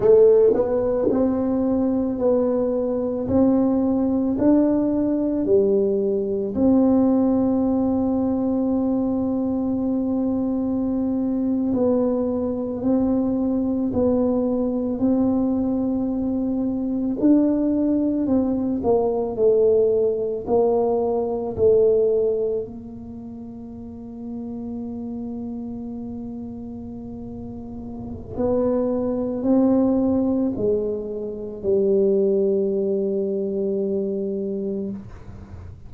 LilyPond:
\new Staff \with { instrumentName = "tuba" } { \time 4/4 \tempo 4 = 55 a8 b8 c'4 b4 c'4 | d'4 g4 c'2~ | c'2~ c'8. b4 c'16~ | c'8. b4 c'2 d'16~ |
d'8. c'8 ais8 a4 ais4 a16~ | a8. ais2.~ ais16~ | ais2 b4 c'4 | gis4 g2. | }